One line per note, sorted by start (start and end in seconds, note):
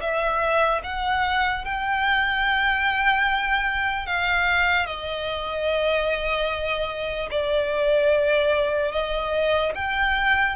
0.00 0.81 E5
0.83 1.64 F#5
1.64 4.06 G5
4.06 4.86 F5
4.86 7.29 D#5
7.31 8.92 D5
8.92 9.73 D#5
9.75 10.56 G5